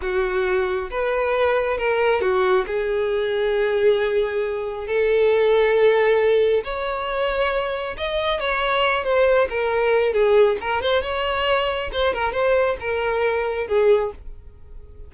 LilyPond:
\new Staff \with { instrumentName = "violin" } { \time 4/4 \tempo 4 = 136 fis'2 b'2 | ais'4 fis'4 gis'2~ | gis'2. a'4~ | a'2. cis''4~ |
cis''2 dis''4 cis''4~ | cis''8 c''4 ais'4. gis'4 | ais'8 c''8 cis''2 c''8 ais'8 | c''4 ais'2 gis'4 | }